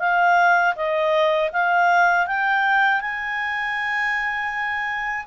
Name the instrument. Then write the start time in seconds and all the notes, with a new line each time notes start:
clarinet
0.00 F5
0.76 D#5
1.53 F5
2.27 G5
3.01 G#5